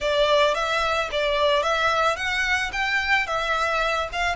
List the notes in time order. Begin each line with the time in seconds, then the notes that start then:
0.00 D5
0.54 E5
1.11 D5
1.62 E5
2.16 F#5
2.72 G5
3.27 E5
4.12 F5